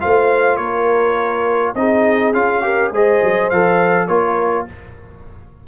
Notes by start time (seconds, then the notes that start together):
0.00 A3 F4 C5 F5
0.56 A#3 A#4 C#5
1.74 C4 D#4 G#4 D#5
2.33 C#4 F4 F5
2.61 G4 A#4
2.91 G#3 G#4 C5 D#5
3.22 F#3
3.49 F3 A4 F5
4.07 A#3 F4 A#4 C#5